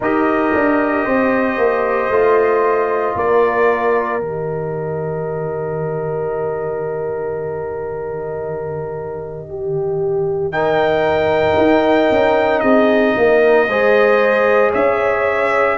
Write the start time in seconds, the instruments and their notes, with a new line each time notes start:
0.00 tuba D#4, trombone G4, horn A#4, trumpet D#5
0.54 tuba D4
1.04 tuba C4, horn C5
1.57 tuba A#3
2.09 tuba A3, trombone F4
3.15 tuba A#3, horn A#4, trumpet D5
4.19 tuba D#3, trombone G4, trumpet D#5
9.49 horn G4
10.52 trombone D#4, horn A#4, trumpet G5
11.57 tuba D#4
12.11 tuba C#4
12.60 tuba C4, horn G#4, trumpet D#5
13.17 tuba A#3, horn A#4
13.68 tuba G#3, trombone G#4, horn C5
14.70 tuba C#4, horn C#5, trumpet E5